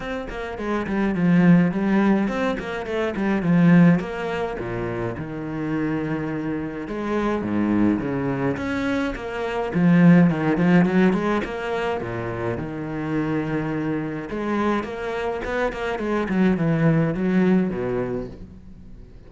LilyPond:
\new Staff \with { instrumentName = "cello" } { \time 4/4 \tempo 4 = 105 c'8 ais8 gis8 g8 f4 g4 | c'8 ais8 a8 g8 f4 ais4 | ais,4 dis2. | gis4 gis,4 cis4 cis'4 |
ais4 f4 dis8 f8 fis8 gis8 | ais4 ais,4 dis2~ | dis4 gis4 ais4 b8 ais8 | gis8 fis8 e4 fis4 b,4 | }